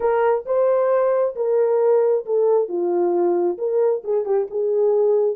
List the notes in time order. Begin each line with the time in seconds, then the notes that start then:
0.00 A#4
0.45 C5
1.35 A#4
2.25 A4
2.68 F4
3.58 A#4
4.04 G#4
4.25 G4
4.50 G#4